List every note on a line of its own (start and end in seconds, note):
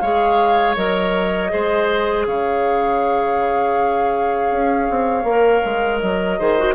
0.00 0.77 G#3
0.00 0.76 G#4
0.00 1.52 C#5
0.00 0.75 F5
0.76 1.52 F#3
0.76 1.50 A#4
0.76 2.26 D#5
1.50 2.26 G#3
1.50 5.25 G#4
1.50 2.27 C5
2.26 4.51 C#3
2.26 6.39 C#5
2.26 6.00 F5
4.51 4.88 C#4
4.90 5.24 C4
5.24 5.61 A#3
5.24 6.39 A#4
5.65 6.02 G#3
6.00 6.40 F#3
6.00 6.75 D#5
6.39 6.75 D#3
6.39 6.58 G#4
6.39 6.75 C5
6.59 6.75 F#4